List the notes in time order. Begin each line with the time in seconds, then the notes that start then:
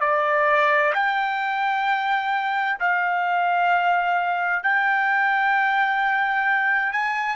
0.00 D5
0.94 G5
2.79 F5
4.63 G5
6.92 G#5